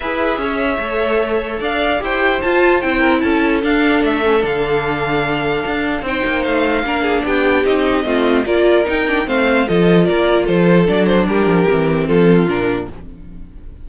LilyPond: <<
  \new Staff \with { instrumentName = "violin" } { \time 4/4 \tempo 4 = 149 e''1 | f''4 g''4 a''4 g''4 | a''4 f''4 e''4 f''4~ | f''2. g''4 |
f''2 g''4 dis''4~ | dis''4 d''4 g''4 f''4 | dis''4 d''4 c''4 d''8 c''8 | ais'2 a'4 ais'4 | }
  \new Staff \with { instrumentName = "violin" } { \time 4/4 b'4 cis''2. | d''4 c''2~ c''8 ais'8 | a'1~ | a'2. c''4~ |
c''4 ais'8 gis'8 g'2 | f'4 ais'2 c''4 | a'4 ais'4 a'2 | g'2 f'2 | }
  \new Staff \with { instrumentName = "viola" } { \time 4/4 gis'2 a'2~ | a'4 g'4 f'4 e'4~ | e'4 d'4. cis'8 d'4~ | d'2. dis'4~ |
dis'4 d'2 dis'4 | c'4 f'4 dis'8 d'8 c'4 | f'2. d'4~ | d'4 c'2 d'4 | }
  \new Staff \with { instrumentName = "cello" } { \time 4/4 e'4 cis'4 a2 | d'4 e'4 f'4 c'4 | cis'4 d'4 a4 d4~ | d2 d'4 c'8 ais8 |
a4 ais4 b4 c'4 | a4 ais4 dis'4 a4 | f4 ais4 f4 fis4 | g8 f8 e4 f4 ais,4 | }
>>